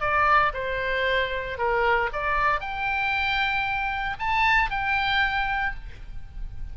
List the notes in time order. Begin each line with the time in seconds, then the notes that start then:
0.00 D5
0.53 C5
1.57 A#4
2.12 D5
2.60 G5
4.19 A5
4.70 G5